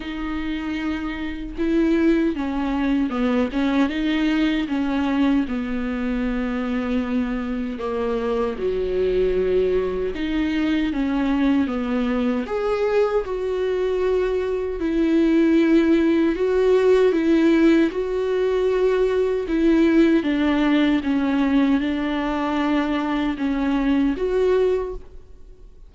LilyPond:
\new Staff \with { instrumentName = "viola" } { \time 4/4 \tempo 4 = 77 dis'2 e'4 cis'4 | b8 cis'8 dis'4 cis'4 b4~ | b2 ais4 fis4~ | fis4 dis'4 cis'4 b4 |
gis'4 fis'2 e'4~ | e'4 fis'4 e'4 fis'4~ | fis'4 e'4 d'4 cis'4 | d'2 cis'4 fis'4 | }